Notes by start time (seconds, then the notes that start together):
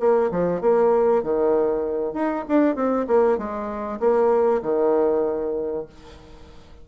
0.00 A#3
0.31 F3
0.61 A#3
1.23 D#3
2.14 D#4
2.49 D4
2.76 C4
3.08 A#3
3.38 G#3
4.00 A#3
4.63 D#3